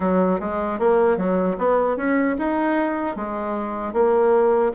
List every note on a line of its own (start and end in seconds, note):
0.00 0.39 F#3
0.39 0.79 G#3
0.79 1.17 A#3
1.17 1.56 F#3
1.58 1.97 B3
1.97 2.36 C#4
2.38 3.15 D#4
3.15 3.93 G#3
3.93 4.72 A#3